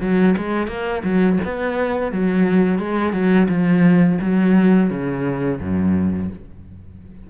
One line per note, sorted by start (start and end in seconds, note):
0.00 0.35 F#3
0.37 0.67 G#3
0.67 1.02 A#3
1.03 1.38 F#3
1.44 2.12 B3
2.12 2.78 F#3
2.78 3.12 G#3
3.12 3.47 F#3
3.48 4.18 F3
4.21 4.90 F#3
4.90 5.59 C#3
5.60 6.29 F#2